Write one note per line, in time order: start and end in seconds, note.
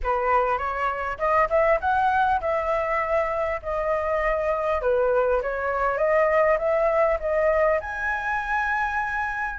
0.03 0.58 B4
0.58 1.18 C#5
1.18 1.48 D#5
1.49 1.79 E5
1.80 2.40 F#5
2.40 3.60 E5
3.62 4.81 D#5
4.81 5.41 B4
5.41 5.97 C#5
5.97 6.57 D#5
6.58 7.18 E5
7.19 7.79 D#5
7.80 9.59 G#5